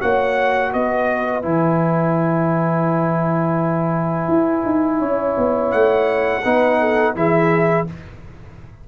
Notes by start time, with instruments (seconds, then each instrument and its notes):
0.00 tuba A#3, trombone F#4, horn C#5, trumpet F#5
0.71 tuba B3, horn B4, trumpet D#5
1.42 tuba E3, trombone E4, trumpet G#5
4.28 tuba E4
4.65 tuba D#4
4.99 tuba C#4, horn C#5
5.37 tuba B3
5.71 tuba A3, trumpet F#5
6.43 tuba B3, trombone D#4, horn B4
6.79 horn A4
7.15 tuba E3, trombone E4, horn G#4, trumpet E5